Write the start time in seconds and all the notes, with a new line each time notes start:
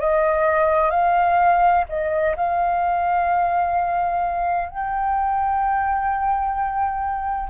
0.00 D#5
0.90 F5
1.88 D#5
2.37 F5
4.69 G5